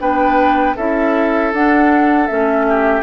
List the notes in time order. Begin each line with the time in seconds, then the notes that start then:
0.00 B3 D4 B4 G5
0.76 C#4 E4 A4 E5
1.53 D4 F#5
2.27 A3 C#4 E5
2.68 G4